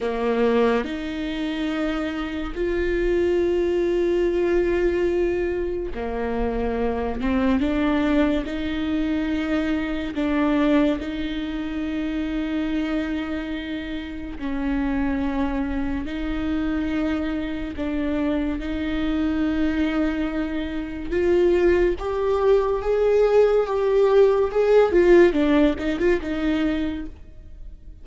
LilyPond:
\new Staff \with { instrumentName = "viola" } { \time 4/4 \tempo 4 = 71 ais4 dis'2 f'4~ | f'2. ais4~ | ais8 c'8 d'4 dis'2 | d'4 dis'2.~ |
dis'4 cis'2 dis'4~ | dis'4 d'4 dis'2~ | dis'4 f'4 g'4 gis'4 | g'4 gis'8 f'8 d'8 dis'16 f'16 dis'4 | }